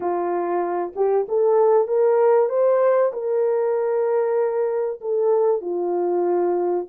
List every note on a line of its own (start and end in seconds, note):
0.00 0.93 F4
0.95 1.26 G4
1.28 1.87 A4
1.87 2.49 A#4
2.49 3.11 C5
3.12 5.00 A#4
5.01 5.61 A4
5.61 6.86 F4